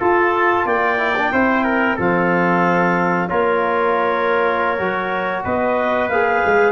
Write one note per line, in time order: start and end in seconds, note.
0.00 0.66 F4
0.00 0.98 F4
0.00 0.66 A4
0.00 0.67 A5
0.66 1.32 A#3
0.66 1.32 D5
0.66 1.99 G5
0.98 1.14 E4
1.17 1.32 D4
1.32 1.99 C4
1.32 1.98 E4
1.32 1.64 C5
1.64 1.96 A#4
1.96 3.31 F3
1.96 3.29 C4
1.96 3.28 A4
1.96 3.29 F5
3.29 4.79 A#3
3.29 4.78 F4
3.29 5.44 A#4
3.29 5.43 C#5
4.79 5.45 F#3
4.79 6.11 F#4
5.44 6.10 B3
5.44 6.72 B4
5.44 6.09 D#5
6.09 6.43 A#3
6.09 6.72 G#4
6.09 6.72 F5
6.46 6.72 G#3